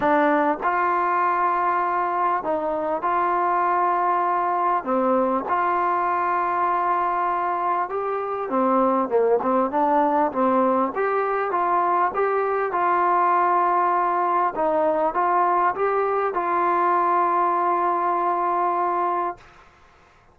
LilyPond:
\new Staff \with { instrumentName = "trombone" } { \time 4/4 \tempo 4 = 99 d'4 f'2. | dis'4 f'2. | c'4 f'2.~ | f'4 g'4 c'4 ais8 c'8 |
d'4 c'4 g'4 f'4 | g'4 f'2. | dis'4 f'4 g'4 f'4~ | f'1 | }